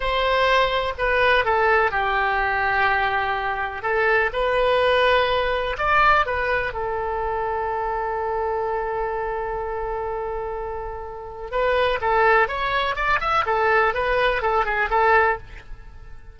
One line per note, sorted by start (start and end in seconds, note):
0.00 0.93 C5
0.98 1.44 B4
1.44 1.91 A4
1.91 3.82 G4
3.82 4.30 A4
4.32 5.76 B4
5.78 6.25 D5
6.25 6.73 B4
6.73 11.51 A4
11.51 11.99 B4
12.01 12.48 A4
12.48 12.95 C#5
12.95 13.19 D5
13.20 13.44 E5
13.46 13.94 A4
13.94 14.41 B4
14.41 14.65 A4
14.65 14.89 G#4
14.90 15.38 A4